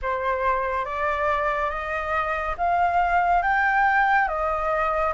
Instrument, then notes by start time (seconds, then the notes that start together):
flute
0.02 C5
0.85 D5
1.69 D#5
2.57 F5
3.42 G5
4.27 D#5